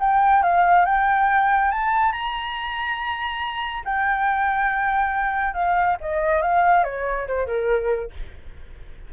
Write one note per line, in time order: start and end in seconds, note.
0.00 0.43 G5
0.43 0.86 F5
0.86 1.71 G5
1.71 2.12 A5
2.12 3.84 A#5
3.85 5.54 G5
5.54 5.97 F5
6.01 6.42 D#5
6.42 6.84 F5
6.84 7.27 C#5
7.28 7.47 C5
7.47 8.11 A#4